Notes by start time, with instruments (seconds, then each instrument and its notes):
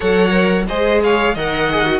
0.00 cello F#3, viola A4, violin C#5 F#5
0.29 viola A#4
0.68 cello G#3, viola G#4, violin C5 D#5
1.03 violin C#5 F5
1.34 cello D#3, viola A#4, violin D#5 F#5
1.70 viola G#4
1.85 viola F#4